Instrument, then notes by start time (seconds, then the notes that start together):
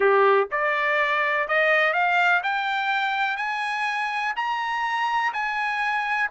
trumpet
0.00 G4
0.51 D5
1.48 D#5
1.93 F5
2.43 G5
3.37 G#5
4.35 A#5
5.33 G#5